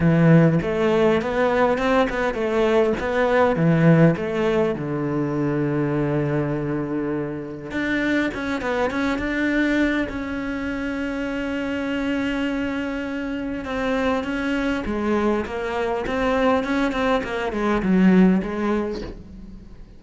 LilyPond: \new Staff \with { instrumentName = "cello" } { \time 4/4 \tempo 4 = 101 e4 a4 b4 c'8 b8 | a4 b4 e4 a4 | d1~ | d4 d'4 cis'8 b8 cis'8 d'8~ |
d'4 cis'2.~ | cis'2. c'4 | cis'4 gis4 ais4 c'4 | cis'8 c'8 ais8 gis8 fis4 gis4 | }